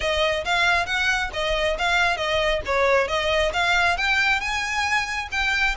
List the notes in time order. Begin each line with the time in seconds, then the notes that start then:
0.00 D#5
0.44 F5
0.86 F#5
1.33 D#5
1.78 F5
2.17 D#5
2.65 C#5
3.07 D#5
3.53 F5
3.97 G5
4.40 G#5
5.31 G5